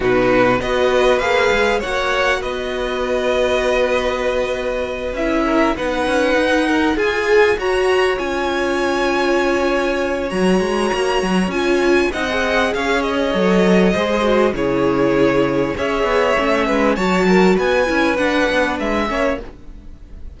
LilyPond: <<
  \new Staff \with { instrumentName = "violin" } { \time 4/4 \tempo 4 = 99 b'4 dis''4 f''4 fis''4 | dis''1~ | dis''8 e''4 fis''2 gis''8~ | gis''8 ais''4 gis''2~ gis''8~ |
gis''4 ais''2 gis''4 | fis''4 f''8 dis''2~ dis''8 | cis''2 e''2 | a''4 gis''4 fis''4 e''4 | }
  \new Staff \with { instrumentName = "violin" } { \time 4/4 fis'4 b'2 cis''4 | b'1~ | b'4 ais'8 b'4. ais'8 gis'8~ | gis'8 cis''2.~ cis''8~ |
cis''1 | dis''4 cis''2 c''4 | gis'2 cis''4. b'8 | cis''8 ais'8 b'2~ b'8 cis''8 | }
  \new Staff \with { instrumentName = "viola" } { \time 4/4 dis'4 fis'4 gis'4 fis'4~ | fis'1~ | fis'8 e'4 dis'2 gis'8~ | gis'8 fis'4 f'2~ f'8~ |
f'4 fis'2 f'4 | dis'16 gis'4.~ gis'16 a'4 gis'8 fis'8 | e'2 gis'4 cis'4 | fis'4. e'8 d'4. cis'8 | }
  \new Staff \with { instrumentName = "cello" } { \time 4/4 b,4 b4 ais8 gis8 ais4 | b1~ | b8 cis'4 b8 cis'8 dis'4 f'8~ | f'8 fis'4 cis'2~ cis'8~ |
cis'4 fis8 gis8 ais8 fis8 cis'4 | c'4 cis'4 fis4 gis4 | cis2 cis'8 b8 a8 gis8 | fis4 b8 cis'8 d'8 b8 gis8 ais8 | }
>>